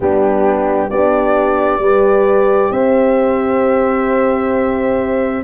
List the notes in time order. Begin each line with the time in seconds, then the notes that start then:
0.00 G3 B3 D4 G4
0.90 B3 D4 G4 D5
1.79 G3 G4 B4
2.70 C4 C5 E5